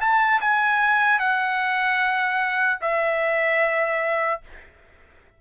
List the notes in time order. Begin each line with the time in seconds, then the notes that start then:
0.00 A5
0.40 G#5
1.19 F#5
2.81 E5